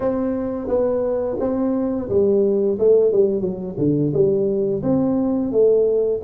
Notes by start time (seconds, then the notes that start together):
0.00 C4
0.67 B3
1.39 C4
2.09 G3
2.79 A3
3.12 G3
3.40 F#3
3.78 D3
4.13 G3
4.82 C4
5.51 A3